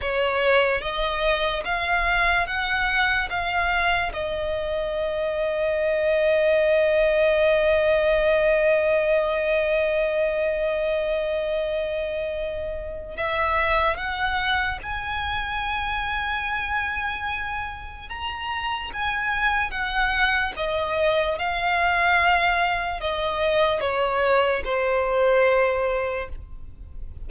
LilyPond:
\new Staff \with { instrumentName = "violin" } { \time 4/4 \tempo 4 = 73 cis''4 dis''4 f''4 fis''4 | f''4 dis''2.~ | dis''1~ | dis''1 |
e''4 fis''4 gis''2~ | gis''2 ais''4 gis''4 | fis''4 dis''4 f''2 | dis''4 cis''4 c''2 | }